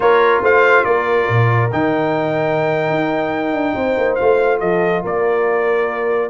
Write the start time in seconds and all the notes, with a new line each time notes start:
0.00 A#3 F4 A#4 C#5
0.41 A3 C5 F5
0.84 A#3 A#4 D5
1.28 A#2
1.72 D#3 D#4 G5
2.89 D#4
3.53 D4
3.75 C4 C5
3.97 A#3
4.15 A3 F4 F5
4.59 F3 A4 D#5
5.02 A#3 A#4 D5